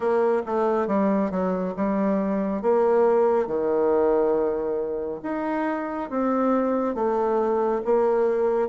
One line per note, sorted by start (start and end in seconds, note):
0.00 0.42 A#3
0.45 0.87 A3
0.87 1.30 G3
1.30 1.74 F#3
1.76 2.61 G3
2.61 3.47 A#3
3.47 5.21 D#3
5.23 6.09 D#4
6.10 6.94 C4
6.94 7.81 A3
7.85 8.68 A#3